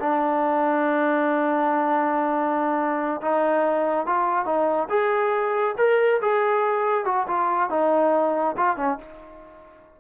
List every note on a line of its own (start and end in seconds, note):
0.00 3.21 D4
3.22 4.07 D#4
4.07 4.46 F4
4.46 4.89 D#4
4.90 5.76 G#4
5.78 6.21 A#4
6.22 7.05 G#4
7.05 7.27 F#4
7.28 7.70 F4
7.70 8.56 D#4
8.58 8.77 F4
8.77 8.99 C#4